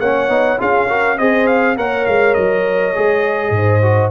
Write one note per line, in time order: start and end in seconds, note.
0.00 0.29 A#3
0.00 0.29 C#4
0.00 0.60 C#5
0.00 0.59 F#5
0.29 0.58 B3
0.29 0.58 D#4
0.58 1.19 C#4
0.58 0.87 F4
0.58 0.88 G#4
0.58 1.19 F5
0.88 1.19 F#4
0.88 1.18 A#4
1.19 1.77 C4
1.19 1.77 G#4
1.19 1.77 C5
1.19 1.47 D#5
1.47 1.77 F5
1.77 2.06 A#3
1.77 2.95 A#4
1.77 3.55 C#5
1.77 2.07 F#5
2.07 2.37 G#3
2.07 2.34 F5
2.34 2.96 F#3
2.34 4.11 D#5
2.95 3.50 G#3
2.95 3.82 G#4
3.50 4.09 G#2
3.50 4.12 C5
3.82 4.12 F#4